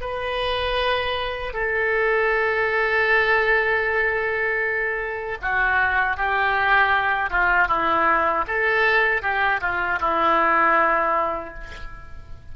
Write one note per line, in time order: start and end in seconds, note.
0.00 1.53 B4
1.53 5.38 A4
5.42 6.17 F#4
6.17 7.30 G4
7.30 7.68 F4
7.68 8.45 E4
8.47 9.22 A4
9.22 9.60 G4
9.60 9.99 F4
10.00 11.54 E4